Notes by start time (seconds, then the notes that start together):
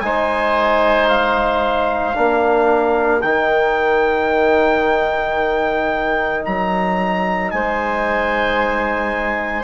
0.00 G#3 D#4 C5 G#5
1.08 F5
2.13 A#3 D4 A#4
3.21 D#3 D#4 G5
6.44 F#3 A#5
7.51 G#3 C5 G#5